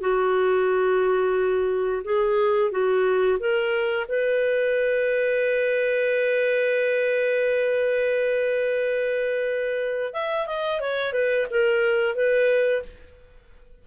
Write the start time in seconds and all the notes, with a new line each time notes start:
0.00 F#4
2.03 G#4
2.71 F#4
3.39 A#4
4.08 B4
10.13 E5
10.46 D#5
10.80 C#5
11.12 B4
11.50 A#4
12.15 B4